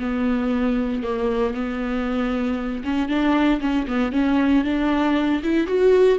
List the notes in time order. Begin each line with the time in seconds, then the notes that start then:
0.00 B3
1.03 A#3
1.55 B3
2.85 C#4
3.09 D4
3.61 C#4
3.88 B3
4.13 C#4
4.65 D4
5.43 E4
5.67 F#4